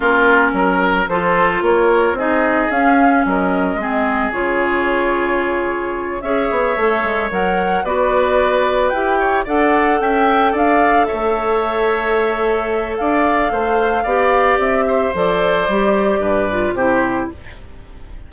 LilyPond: <<
  \new Staff \with { instrumentName = "flute" } { \time 4/4 \tempo 4 = 111 ais'2 c''4 cis''4 | dis''4 f''4 dis''2 | cis''2.~ cis''8 e''8~ | e''4. fis''4 d''4.~ |
d''8 g''4 fis''4 g''4 f''8~ | f''8 e''2.~ e''8 | f''2. e''4 | d''2. c''4 | }
  \new Staff \with { instrumentName = "oboe" } { \time 4/4 f'4 ais'4 a'4 ais'4 | gis'2 ais'4 gis'4~ | gis'2.~ gis'8 cis''8~ | cis''2~ cis''8 b'4.~ |
b'4 cis''8 d''4 e''4 d''8~ | d''8 cis''2.~ cis''8 | d''4 c''4 d''4. c''8~ | c''2 b'4 g'4 | }
  \new Staff \with { instrumentName = "clarinet" } { \time 4/4 cis'2 f'2 | dis'4 cis'2 c'4 | f'2.~ f'8 gis'8~ | gis'8 a'4 ais'4 fis'4.~ |
fis'8 g'4 a'2~ a'8~ | a'1~ | a'2 g'2 | a'4 g'4. f'8 e'4 | }
  \new Staff \with { instrumentName = "bassoon" } { \time 4/4 ais4 fis4 f4 ais4 | c'4 cis'4 fis4 gis4 | cis2.~ cis8 cis'8 | b8 a8 gis8 fis4 b4.~ |
b8 e'4 d'4 cis'4 d'8~ | d'8 a2.~ a8 | d'4 a4 b4 c'4 | f4 g4 g,4 c4 | }
>>